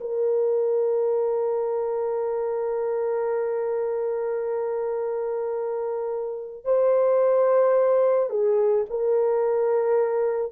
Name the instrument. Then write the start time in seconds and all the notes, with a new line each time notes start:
horn
0.00 A#4
6.64 C5
8.29 G#4
8.89 A#4